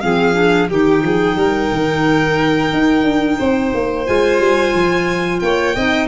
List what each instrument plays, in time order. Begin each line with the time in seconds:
0.00 tuba F3, clarinet C4, violin G#4 F5
0.33 clarinet D4
0.70 tuba D#3, clarinet D#4, violin G4 G5
1.02 tuba F3, violin G#4
1.36 tuba G3, violin A#4
1.71 tuba D#3
2.72 tuba D#4
3.04 tuba D4
3.38 tuba C4, violin C5
3.74 tuba A#3
4.06 tuba G#3, clarinet F4, violin G#5
4.39 tuba G3
4.73 tuba F3
5.39 tuba A#3, violin C#5 G5
5.75 tuba C4, clarinet D#4, violin D#5